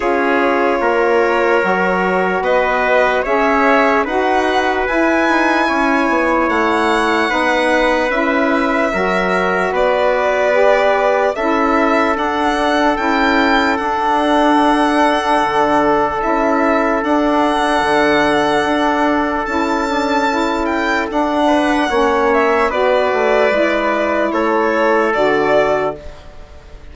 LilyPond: <<
  \new Staff \with { instrumentName = "violin" } { \time 4/4 \tempo 4 = 74 cis''2. dis''4 | e''4 fis''4 gis''2 | fis''2 e''2 | d''2 e''4 fis''4 |
g''4 fis''2. | e''4 fis''2. | a''4. g''8 fis''4. e''8 | d''2 cis''4 d''4 | }
  \new Staff \with { instrumentName = "trumpet" } { \time 4/4 gis'4 ais'2 b'4 | cis''4 b'2 cis''4~ | cis''4 b'2 ais'4 | b'2 a'2~ |
a'1~ | a'1~ | a'2~ a'8 b'8 cis''4 | b'2 a'2 | }
  \new Staff \with { instrumentName = "saxophone" } { \time 4/4 f'2 fis'2 | gis'4 fis'4 e'2~ | e'4 dis'4 e'4 fis'4~ | fis'4 g'4 e'4 d'4 |
e'4 d'2. | e'4 d'2. | e'8 d'8 e'4 d'4 cis'4 | fis'4 e'2 fis'4 | }
  \new Staff \with { instrumentName = "bassoon" } { \time 4/4 cis'4 ais4 fis4 b4 | cis'4 dis'4 e'8 dis'8 cis'8 b8 | a4 b4 cis'4 fis4 | b2 cis'4 d'4 |
cis'4 d'2 d4 | cis'4 d'4 d4 d'4 | cis'2 d'4 ais4 | b8 a8 gis4 a4 d4 | }
>>